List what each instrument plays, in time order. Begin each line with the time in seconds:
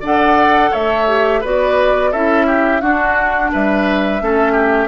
0.00 bassoon D4, clarinet A4, oboe D5, flute F#5
0.71 bassoon A3, oboe C#5, flute E5
1.08 clarinet G4
1.40 bassoon B3, clarinet F#4, oboe B4, flute D5
2.11 bassoon C#4, clarinet E4, oboe A4, flute E5
2.46 oboe G4
2.81 bassoon D4, clarinet D4, oboe F#4, flute F#5
3.52 bassoon G3, oboe B4, flute E5
4.20 bassoon A3, clarinet C#4, oboe A4
4.52 oboe G4